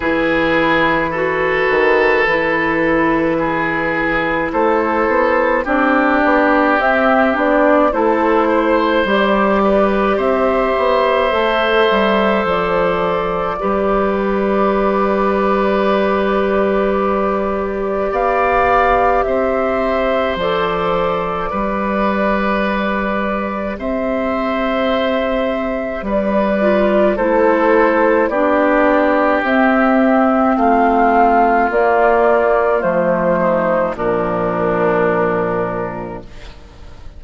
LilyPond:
<<
  \new Staff \with { instrumentName = "flute" } { \time 4/4 \tempo 4 = 53 b'1 | c''4 d''4 e''8 d''8 c''4 | d''4 e''2 d''4~ | d''1 |
f''4 e''4 d''2~ | d''4 e''2 d''4 | c''4 d''4 e''4 f''4 | d''4 c''4 ais'2 | }
  \new Staff \with { instrumentName = "oboe" } { \time 4/4 gis'4 a'2 gis'4 | a'4 g'2 a'8 c''8~ | c''8 b'8 c''2. | b'1 |
d''4 c''2 b'4~ | b'4 c''2 b'4 | a'4 g'2 f'4~ | f'4. dis'8 d'2 | }
  \new Staff \with { instrumentName = "clarinet" } { \time 4/4 e'4 fis'4 e'2~ | e'4 d'4 c'8 d'8 e'4 | g'2 a'2 | g'1~ |
g'2 a'4 g'4~ | g'2.~ g'8 f'8 | e'4 d'4 c'2 | ais4 a4 f2 | }
  \new Staff \with { instrumentName = "bassoon" } { \time 4/4 e4. dis8 e2 | a8 b8 c'8 b8 c'8 b8 a4 | g4 c'8 b8 a8 g8 f4 | g1 |
b4 c'4 f4 g4~ | g4 c'2 g4 | a4 b4 c'4 a4 | ais4 f4 ais,2 | }
>>